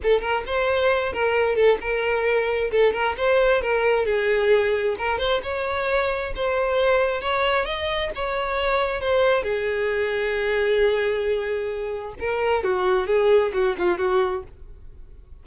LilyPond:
\new Staff \with { instrumentName = "violin" } { \time 4/4 \tempo 4 = 133 a'8 ais'8 c''4. ais'4 a'8 | ais'2 a'8 ais'8 c''4 | ais'4 gis'2 ais'8 c''8 | cis''2 c''2 |
cis''4 dis''4 cis''2 | c''4 gis'2.~ | gis'2. ais'4 | fis'4 gis'4 fis'8 f'8 fis'4 | }